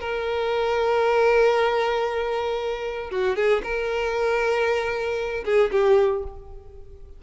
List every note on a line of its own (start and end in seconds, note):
0.00 3.10 A#4
3.11 3.36 F#4
3.36 3.62 G#4
3.63 5.44 A#4
5.45 5.70 G#4
5.71 6.23 G4